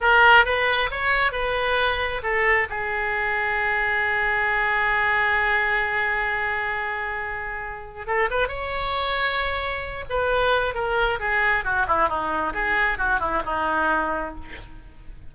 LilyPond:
\new Staff \with { instrumentName = "oboe" } { \time 4/4 \tempo 4 = 134 ais'4 b'4 cis''4 b'4~ | b'4 a'4 gis'2~ | gis'1~ | gis'1~ |
gis'2 a'8 b'8 cis''4~ | cis''2~ cis''8 b'4. | ais'4 gis'4 fis'8 e'8 dis'4 | gis'4 fis'8 e'8 dis'2 | }